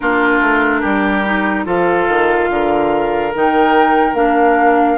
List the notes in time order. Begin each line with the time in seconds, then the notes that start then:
0.00 A#3 D4 F4 A#4
0.40 A3
0.81 G3 G4
1.25 D#4
1.64 F3 F4 A4 F5
2.07 D#3
2.49 D3 A#4
3.35 D#3 D#4 G5
4.13 A#3 D4 F5